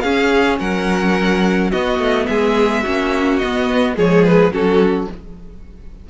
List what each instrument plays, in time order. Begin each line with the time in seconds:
0.00 cello C#4, viola C#4, violin G#4 F5
0.59 cello F#3, violin A#4 F#5
1.70 viola B3, cello B3, violin F#4 D#5
1.98 cello A3
2.26 cello G#3, violin G#4 E5
2.83 cello A#3, viola C#4, violin F#4
3.38 viola B3, cello B3, violin D#5
3.95 cello F3, viola G#3, violin G#4 C#5
4.25 violin B4
4.51 cello F#3, viola C#4, violin F#4 A4